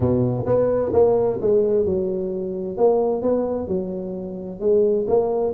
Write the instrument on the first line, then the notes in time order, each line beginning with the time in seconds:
tuba
0.00 B2
0.46 B3
0.93 A#3
1.41 G#3
1.85 F#3
2.77 A#3
3.21 B3
3.67 F#3
4.60 G#3
5.07 A#3